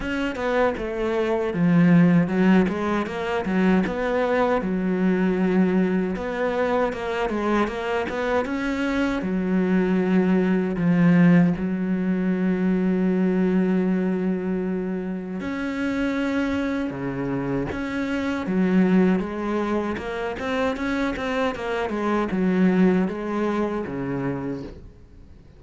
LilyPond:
\new Staff \with { instrumentName = "cello" } { \time 4/4 \tempo 4 = 78 cis'8 b8 a4 f4 fis8 gis8 | ais8 fis8 b4 fis2 | b4 ais8 gis8 ais8 b8 cis'4 | fis2 f4 fis4~ |
fis1 | cis'2 cis4 cis'4 | fis4 gis4 ais8 c'8 cis'8 c'8 | ais8 gis8 fis4 gis4 cis4 | }